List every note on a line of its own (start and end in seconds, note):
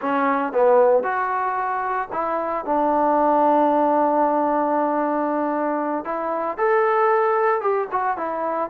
0.01 0.52 C#4
0.52 1.03 B3
1.03 2.08 F#4
2.12 2.65 E4
2.65 6.05 D4
6.05 6.57 E4
6.57 7.61 A4
7.61 7.87 G4
7.91 8.17 F#4
8.17 8.70 E4